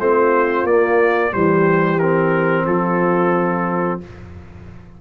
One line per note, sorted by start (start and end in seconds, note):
0.00 0.64 A3
0.00 0.68 C4
0.00 1.32 F4
0.00 0.67 C5
0.64 1.31 A#3
0.64 1.32 A#3
0.64 1.34 D5
1.32 2.67 E3
1.32 1.99 G3
1.32 2.65 G4
1.32 2.00 C5
2.00 4.02 C4
2.00 2.66 A#4
2.66 4.01 F3
2.66 3.99 F4
2.66 4.00 A4